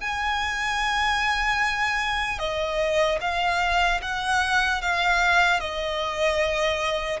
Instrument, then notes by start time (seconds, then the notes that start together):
violin
0.00 G#5
2.39 D#5
3.20 F5
4.01 F#5
4.81 F5
5.60 D#5